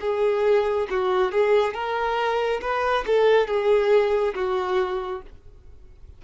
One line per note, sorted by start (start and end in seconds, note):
0.00 0.87 G#4
0.90 1.32 F#4
1.32 1.74 G#4
1.74 2.60 A#4
2.61 3.04 B4
3.06 3.47 A4
3.47 4.34 G#4
4.34 5.21 F#4